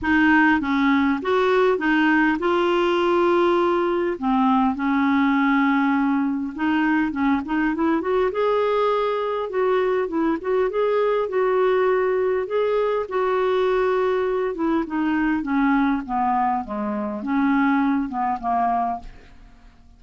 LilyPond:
\new Staff \with { instrumentName = "clarinet" } { \time 4/4 \tempo 4 = 101 dis'4 cis'4 fis'4 dis'4 | f'2. c'4 | cis'2. dis'4 | cis'8 dis'8 e'8 fis'8 gis'2 |
fis'4 e'8 fis'8 gis'4 fis'4~ | fis'4 gis'4 fis'2~ | fis'8 e'8 dis'4 cis'4 b4 | gis4 cis'4. b8 ais4 | }